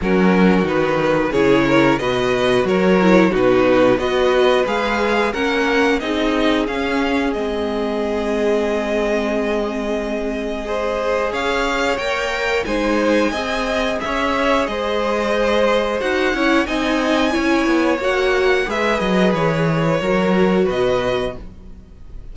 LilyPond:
<<
  \new Staff \with { instrumentName = "violin" } { \time 4/4 \tempo 4 = 90 ais'4 b'4 cis''4 dis''4 | cis''4 b'4 dis''4 f''4 | fis''4 dis''4 f''4 dis''4~ | dis''1~ |
dis''4 f''4 g''4 gis''4~ | gis''4 e''4 dis''2 | fis''4 gis''2 fis''4 | e''8 dis''8 cis''2 dis''4 | }
  \new Staff \with { instrumentName = "violin" } { \time 4/4 fis'2 gis'8 ais'8 b'4 | ais'4 fis'4 b'2 | ais'4 gis'2.~ | gis'1 |
c''4 cis''2 c''4 | dis''4 cis''4 c''2~ | c''8 cis''8 dis''4 cis''2 | b'2 ais'4 b'4 | }
  \new Staff \with { instrumentName = "viola" } { \time 4/4 cis'4 dis'4 e'4 fis'4~ | fis'8 e'8 dis'4 fis'4 gis'4 | cis'4 dis'4 cis'4 c'4~ | c'1 |
gis'2 ais'4 dis'4 | gis'1 | fis'8 e'8 dis'4 e'4 fis'4 | gis'2 fis'2 | }
  \new Staff \with { instrumentName = "cello" } { \time 4/4 fis4 dis4 cis4 b,4 | fis4 b,4 b4 gis4 | ais4 c'4 cis'4 gis4~ | gis1~ |
gis4 cis'4 ais4 gis4 | c'4 cis'4 gis2 | dis'8 cis'8 c'4 cis'8 b8 ais4 | gis8 fis8 e4 fis4 b,4 | }
>>